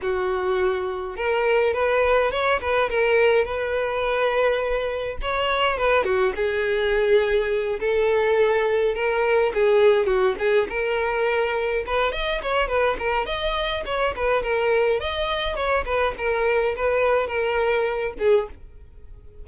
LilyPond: \new Staff \with { instrumentName = "violin" } { \time 4/4 \tempo 4 = 104 fis'2 ais'4 b'4 | cis''8 b'8 ais'4 b'2~ | b'4 cis''4 b'8 fis'8 gis'4~ | gis'4. a'2 ais'8~ |
ais'8 gis'4 fis'8 gis'8 ais'4.~ | ais'8 b'8 dis''8 cis''8 b'8 ais'8 dis''4 | cis''8 b'8 ais'4 dis''4 cis''8 b'8 | ais'4 b'4 ais'4. gis'8 | }